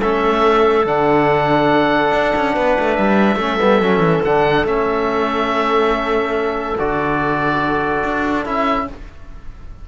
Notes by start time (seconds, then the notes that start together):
0.00 A3 C#4 A4 E5
0.85 D3 D4 F#5
2.12 D4
2.35 C#4
2.54 B3 B4
2.79 A3
2.95 G3 E5
3.35 A3 C#4 A4
3.58 G3 B3
3.82 F#3 C#4
3.98 E3
4.24 D3 D4 F#5
4.64 A3 C#4 E5
6.78 D3 F#4 D5
8.03 D4
8.44 C#4 E4 E5